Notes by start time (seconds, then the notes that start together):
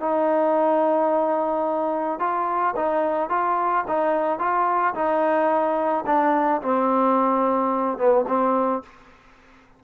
0.00 D#4
2.19 F4
2.76 D#4
3.29 F4
3.88 D#4
4.39 F4
4.94 D#4
6.06 D4
6.62 C4
7.97 B3
8.27 C4